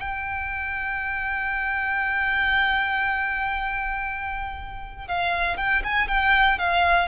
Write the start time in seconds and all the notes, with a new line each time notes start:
0.00 G5
5.08 F5
5.57 G5
5.84 G#5
6.08 G5
6.59 F5